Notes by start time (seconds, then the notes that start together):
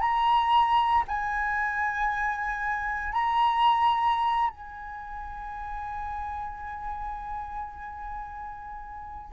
0.00 A#5
1.08 G#5
3.12 A#5
4.50 G#5